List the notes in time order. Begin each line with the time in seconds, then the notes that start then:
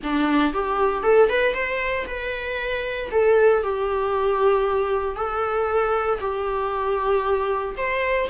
0.03 D4
0.53 G4
1.03 A4
1.29 B4
1.54 C5
2.06 B4
3.11 A4
3.63 G4
5.16 A4
6.20 G4
7.77 C5